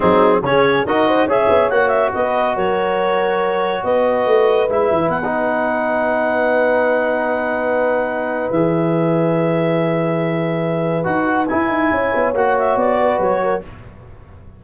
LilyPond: <<
  \new Staff \with { instrumentName = "clarinet" } { \time 4/4 \tempo 4 = 141 gis'4 cis''4 dis''4 e''4 | fis''8 e''8 dis''4 cis''2~ | cis''4 dis''2 e''4 | fis''1~ |
fis''1 | e''1~ | e''2 fis''4 gis''4~ | gis''4 fis''8 e''8 d''4 cis''4 | }
  \new Staff \with { instrumentName = "horn" } { \time 4/4 dis'4 gis'4 ais'8 c''8 cis''4~ | cis''4 b'4 ais'2~ | ais'4 b'2.~ | b'1~ |
b'1~ | b'1~ | b'1 | cis''2~ cis''8 b'4 ais'8 | }
  \new Staff \with { instrumentName = "trombone" } { \time 4/4 c'4 cis'4 fis'4 gis'4 | fis'1~ | fis'2. e'4~ | e'16 dis'2.~ dis'8.~ |
dis'1 | gis'1~ | gis'2 fis'4 e'4~ | e'4 fis'2. | }
  \new Staff \with { instrumentName = "tuba" } { \time 4/4 fis4 cis4 dis'4 cis'8 b8 | ais4 b4 fis2~ | fis4 b4 a4 gis8 e8 | b1~ |
b1 | e1~ | e2 dis'4 e'8 dis'8 | cis'8 b8 ais4 b4 fis4 | }
>>